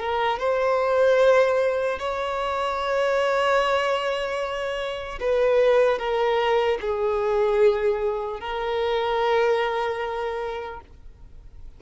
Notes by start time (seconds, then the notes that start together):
0.00 A#4
0.39 C5
1.99 C#5
5.20 B4
5.99 A#4
6.81 G#4
8.41 A#4